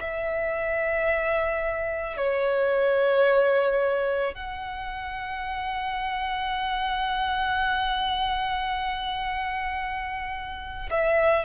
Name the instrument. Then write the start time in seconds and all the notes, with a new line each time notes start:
violin
0.00 E5
2.17 C#5
4.34 F#5
10.90 E5